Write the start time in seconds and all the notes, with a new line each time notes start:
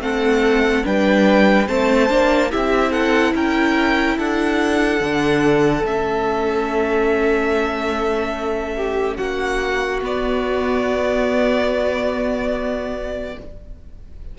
0.00 A3 C4 A4 F#5
0.83 G3 D4 B4 G5
1.67 A3 C4 C5 A5
2.09 A#3 D4
2.49 C4 E4 G4 E5
2.91 A4 F#5
3.34 C#4 A#4 G5
4.17 D4 A4 F#5
5.00 D3 D4
5.84 A3 C#4 E5
8.77 G4
9.17 A#3 F#4 F#5
10.01 B3 D5